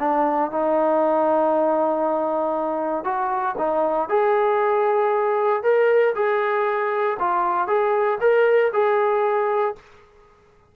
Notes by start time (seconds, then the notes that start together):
0.00 D4
0.52 D#4
3.05 F#4
3.58 D#4
4.10 G#4
5.63 A#4
6.15 G#4
7.20 F4
7.68 G#4
8.21 A#4
8.73 G#4